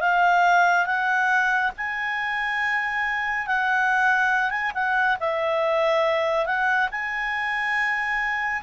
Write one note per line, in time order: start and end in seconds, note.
0.00 0.86 F5
0.86 1.71 F#5
1.77 3.46 G#5
3.46 4.50 F#5
4.50 4.71 G#5
4.74 5.17 F#5
5.20 6.46 E5
6.46 6.88 F#5
6.91 8.62 G#5